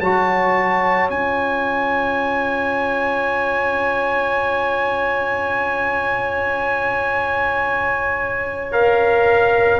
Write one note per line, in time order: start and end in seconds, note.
0.00 1.09 F#3
0.00 1.10 F#4
0.00 9.80 C#5
0.00 1.09 A5
1.09 9.80 C#4
1.09 8.71 F4
1.09 8.72 G#5
8.71 9.80 A#4
8.71 9.80 F5